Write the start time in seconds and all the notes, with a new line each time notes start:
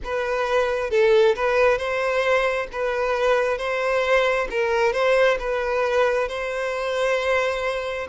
0.04 B4
0.90 A4
1.35 B4
1.77 C5
2.72 B4
3.58 C5
4.50 A#4
4.93 C5
5.39 B4
6.28 C5